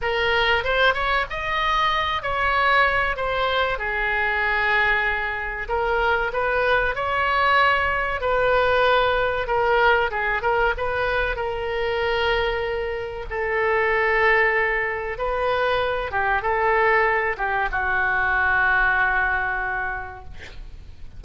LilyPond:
\new Staff \with { instrumentName = "oboe" } { \time 4/4 \tempo 4 = 95 ais'4 c''8 cis''8 dis''4. cis''8~ | cis''4 c''4 gis'2~ | gis'4 ais'4 b'4 cis''4~ | cis''4 b'2 ais'4 |
gis'8 ais'8 b'4 ais'2~ | ais'4 a'2. | b'4. g'8 a'4. g'8 | fis'1 | }